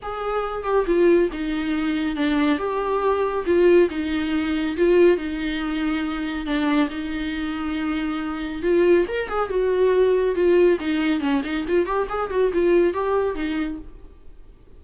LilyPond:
\new Staff \with { instrumentName = "viola" } { \time 4/4 \tempo 4 = 139 gis'4. g'8 f'4 dis'4~ | dis'4 d'4 g'2 | f'4 dis'2 f'4 | dis'2. d'4 |
dis'1 | f'4 ais'8 gis'8 fis'2 | f'4 dis'4 cis'8 dis'8 f'8 g'8 | gis'8 fis'8 f'4 g'4 dis'4 | }